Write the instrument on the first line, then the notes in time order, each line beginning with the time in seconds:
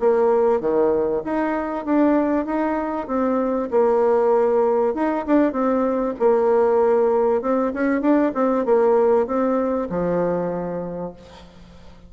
bassoon
0.00 A#3
0.61 D#3
1.25 D#4
1.86 D4
2.46 D#4
3.08 C4
3.71 A#3
4.95 D#4
5.27 D4
5.53 C4
6.20 A#3
7.42 C4
7.74 C#4
8.02 D4
8.35 C4
8.66 A#3
9.27 C4
9.90 F3